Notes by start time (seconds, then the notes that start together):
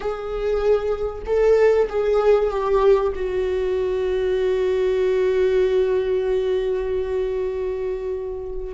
0.00 G#4
1.26 A4
1.89 G#4
2.50 G4
3.15 F#4